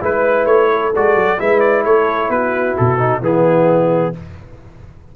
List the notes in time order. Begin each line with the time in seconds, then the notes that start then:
0.00 G#3 E4 B4
0.45 A3 C#5
0.72 A4
0.96 G#3 F#4 D5
1.15 F#3
1.38 G#3 E4 B4 E5
1.60 D5
1.85 A3 A4 C#5
2.29 B3 F#4 B4
2.77 B2 A4
2.98 D#4
3.20 E3 B3 E4 G#4